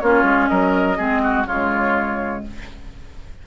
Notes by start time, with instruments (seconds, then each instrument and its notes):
0.00 bassoon A#3, clarinet C#4, oboe F4, flute C#5
0.23 bassoon G#3
0.48 bassoon F#3, oboe A#4, flute D#5
0.97 bassoon G#3, clarinet C4, oboe G#4
1.23 oboe F#4
1.46 bassoon C#3, clarinet G#3, oboe F4, flute C#5